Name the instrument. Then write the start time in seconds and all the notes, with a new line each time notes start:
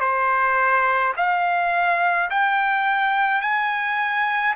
trumpet
0.00 C5
1.16 F5
2.30 G5
3.41 G#5